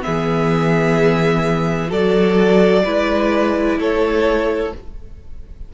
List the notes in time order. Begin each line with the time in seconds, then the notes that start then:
0.00 B3 G#4 E5
0.07 E3
1.88 F#3 F#4 A4 D5
2.84 G#3 E4 B4
3.78 A3 A4 C#5